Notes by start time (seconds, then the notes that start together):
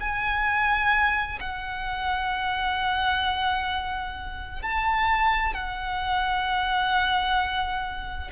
0.00 G#5
1.40 F#5
4.62 A5
5.53 F#5